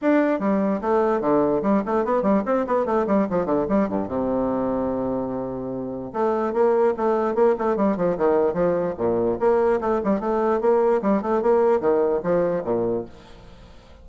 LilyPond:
\new Staff \with { instrumentName = "bassoon" } { \time 4/4 \tempo 4 = 147 d'4 g4 a4 d4 | g8 a8 b8 g8 c'8 b8 a8 g8 | f8 d8 g8 g,8 c2~ | c2. a4 |
ais4 a4 ais8 a8 g8 f8 | dis4 f4 ais,4 ais4 | a8 g8 a4 ais4 g8 a8 | ais4 dis4 f4 ais,4 | }